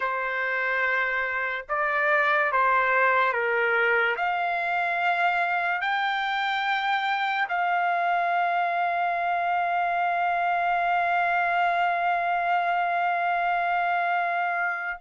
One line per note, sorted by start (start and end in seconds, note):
0.00 1.65 C5
1.69 2.52 D5
2.52 3.32 C5
3.32 4.16 A#4
4.16 5.81 F5
5.81 7.47 G5
7.48 14.98 F5